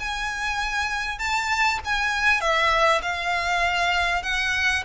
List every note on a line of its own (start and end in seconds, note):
0.00 1.19 G#5
1.19 1.80 A5
1.85 2.41 G#5
2.41 3.02 E5
3.02 4.23 F5
4.23 4.84 F#5